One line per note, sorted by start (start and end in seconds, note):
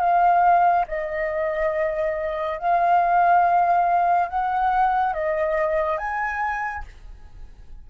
0.00 0.86 F5
0.88 2.59 D#5
2.59 4.29 F5
4.29 5.14 F#5
5.14 5.98 D#5
5.98 6.84 G#5